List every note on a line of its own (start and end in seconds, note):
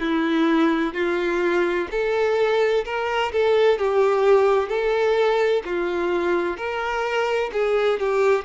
0.00 0.94 E4
0.94 1.87 F4
1.91 2.85 A4
2.85 3.32 A#4
3.32 3.78 A4
3.78 4.68 G4
4.68 5.62 A4
5.65 6.57 F4
6.57 7.50 A#4
7.52 7.99 G#4
7.99 8.45 G4